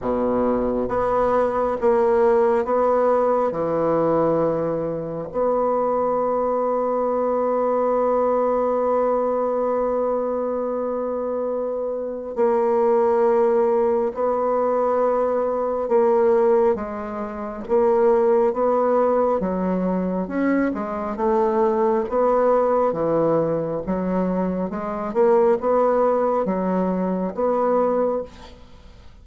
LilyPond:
\new Staff \with { instrumentName = "bassoon" } { \time 4/4 \tempo 4 = 68 b,4 b4 ais4 b4 | e2 b2~ | b1~ | b2 ais2 |
b2 ais4 gis4 | ais4 b4 fis4 cis'8 gis8 | a4 b4 e4 fis4 | gis8 ais8 b4 fis4 b4 | }